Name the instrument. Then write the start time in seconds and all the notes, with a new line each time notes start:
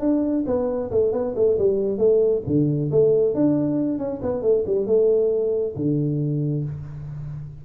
tuba
0.00 D4
0.46 B3
0.91 A3
1.12 B3
1.35 A3
1.58 G3
1.98 A3
2.46 D3
2.91 A3
3.34 D4
3.98 C#4
4.22 B3
4.42 A3
4.66 G3
4.86 A3
5.76 D3